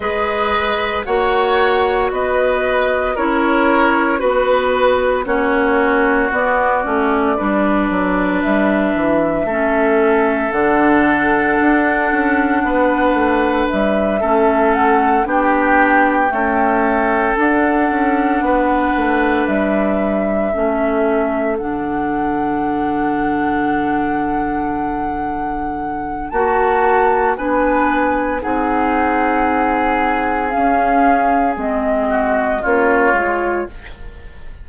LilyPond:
<<
  \new Staff \with { instrumentName = "flute" } { \time 4/4 \tempo 4 = 57 dis''4 fis''4 dis''4 cis''4 | b'4 cis''4 d''2 | e''2 fis''2~ | fis''4 e''4 fis''8 g''4.~ |
g''8 fis''2 e''4.~ | e''8 fis''2.~ fis''8~ | fis''4 a''4 gis''4 fis''4~ | fis''4 f''4 dis''4 cis''4 | }
  \new Staff \with { instrumentName = "oboe" } { \time 4/4 b'4 cis''4 b'4 ais'4 | b'4 fis'2 b'4~ | b'4 a'2. | b'4. a'4 g'4 a'8~ |
a'4. b'2 a'8~ | a'1~ | a'4 fis'4 b'4 gis'4~ | gis'2~ gis'8 fis'8 f'4 | }
  \new Staff \with { instrumentName = "clarinet" } { \time 4/4 gis'4 fis'2 e'4 | fis'4 cis'4 b8 cis'8 d'4~ | d'4 cis'4 d'2~ | d'4. cis'4 d'4 a8~ |
a8 d'2. cis'8~ | cis'8 d'2.~ d'8~ | d'4 fis'4 d'4 dis'4~ | dis'4 cis'4 c'4 cis'8 f'8 | }
  \new Staff \with { instrumentName = "bassoon" } { \time 4/4 gis4 ais4 b4 cis'4 | b4 ais4 b8 a8 g8 fis8 | g8 e8 a4 d4 d'8 cis'8 | b8 a8 g8 a4 b4 cis'8~ |
cis'8 d'8 cis'8 b8 a8 g4 a8~ | a8 d2.~ d8~ | d4 ais4 b4 c'4~ | c'4 cis'4 gis4 ais8 gis8 | }
>>